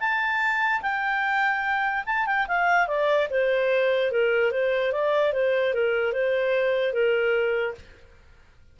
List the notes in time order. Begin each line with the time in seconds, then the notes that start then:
0.00 A5
0.82 G5
2.06 A5
2.27 G5
2.48 F5
2.88 D5
3.30 C5
4.12 A#4
4.52 C5
4.92 D5
5.33 C5
5.74 A#4
6.13 C5
6.93 A#4